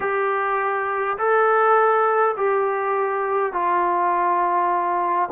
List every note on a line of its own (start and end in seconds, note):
0.00 1.17 G4
1.18 2.35 A4
2.36 3.52 G4
3.52 5.29 F4